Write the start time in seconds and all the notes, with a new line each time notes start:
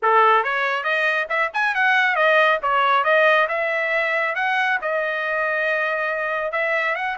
0.02 A4
0.43 C#5
0.83 D#5
1.29 E5
1.53 G#5
1.75 F#5
2.15 D#5
2.62 C#5
3.04 D#5
3.48 E5
4.35 F#5
4.81 D#5
6.51 E5
6.95 F#5